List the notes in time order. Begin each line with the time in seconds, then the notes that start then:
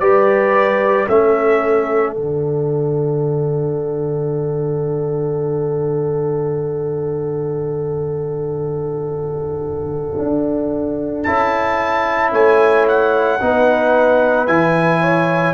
0.00 G3 G4 B4 D5
1.08 A3 C#4 A4 E5
2.14 D3 D4 F#5
10.19 D4
11.23 C#4 E4 A5
12.32 A3 C#5 G#5
12.88 F#5
13.40 B3 D#4 B4
14.47 E3 E4 G#5
15.01 C#5